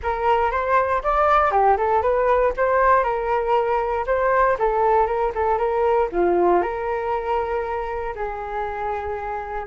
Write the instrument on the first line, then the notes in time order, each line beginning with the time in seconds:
flute
0.02 A#4
0.51 C5
1.03 D5
1.51 G4
1.77 A4
2.02 B4
2.56 C5
3.03 A#4
4.06 C5
4.59 A4
5.06 A#4
5.34 A4
5.58 A#4
6.11 F4
6.61 A#4
8.15 G#4